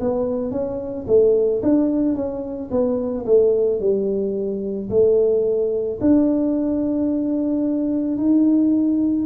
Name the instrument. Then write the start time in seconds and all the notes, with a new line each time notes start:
tuba
0.00 B3
0.51 C#4
1.07 A3
1.62 D4
2.15 C#4
2.71 B3
3.25 A3
3.80 G3
4.89 A3
6.01 D4
8.17 D#4